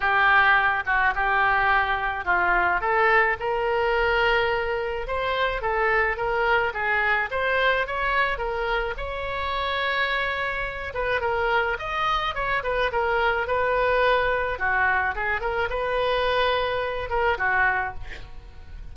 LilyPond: \new Staff \with { instrumentName = "oboe" } { \time 4/4 \tempo 4 = 107 g'4. fis'8 g'2 | f'4 a'4 ais'2~ | ais'4 c''4 a'4 ais'4 | gis'4 c''4 cis''4 ais'4 |
cis''2.~ cis''8 b'8 | ais'4 dis''4 cis''8 b'8 ais'4 | b'2 fis'4 gis'8 ais'8 | b'2~ b'8 ais'8 fis'4 | }